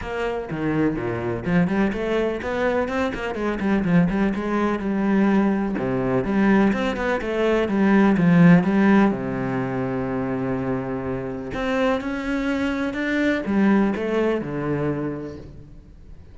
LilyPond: \new Staff \with { instrumentName = "cello" } { \time 4/4 \tempo 4 = 125 ais4 dis4 ais,4 f8 g8 | a4 b4 c'8 ais8 gis8 g8 | f8 g8 gis4 g2 | c4 g4 c'8 b8 a4 |
g4 f4 g4 c4~ | c1 | c'4 cis'2 d'4 | g4 a4 d2 | }